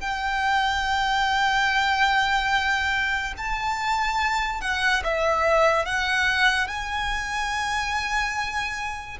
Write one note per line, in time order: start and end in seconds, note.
0.00 3.33 G5
3.37 4.61 A5
4.61 5.03 F#5
5.04 5.85 E5
5.85 6.67 F#5
6.67 9.17 G#5